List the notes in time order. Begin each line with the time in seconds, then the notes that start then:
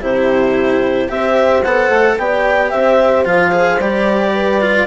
0.00 C3 E4 G4 C5
1.08 C4 G4 C5 E5
1.63 B3 A4 F#5
1.89 A3
2.17 B3 G4 D5 G5
2.70 C4 C5 E5
3.25 F3 F4 F5
3.51 G#4
3.79 G3 G4 D5
4.33 B4
4.61 F4